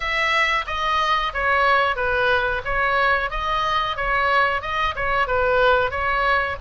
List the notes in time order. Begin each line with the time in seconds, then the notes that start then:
0.00 E5
0.66 D#5
1.33 C#5
1.96 B4
2.64 C#5
3.30 D#5
3.96 C#5
4.61 D#5
4.95 C#5
5.27 B4
5.90 C#5